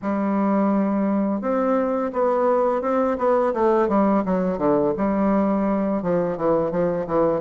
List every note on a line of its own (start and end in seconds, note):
0.02 1.41 G3
1.41 2.11 C4
2.12 2.81 B3
2.81 3.17 C4
3.18 3.53 B3
3.53 3.88 A3
3.88 4.23 G3
4.25 4.58 F#3
4.58 4.93 D3
4.97 6.02 G3
6.02 6.37 F3
6.37 6.71 E3
6.71 7.06 F3
7.06 7.41 E3